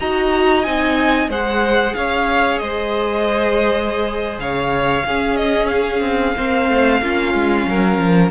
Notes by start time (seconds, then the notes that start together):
0.00 D#4 F#4 D#5 A#5
0.64 C4 D#4 G#5
1.29 G#3 G#4 C5 F#5
1.95 C#4 C#5 F5
2.59 G#3 C5 D#5
4.38 C#3 C#5 F5
5.06 C#4 G#4
5.37 D#5
5.68 F5
6.01 C4
6.37 A#3 C4 C5
6.69 A3
7.02 A#3 C#4 F4
7.34 G#3
7.67 F#3 A#4
7.98 F3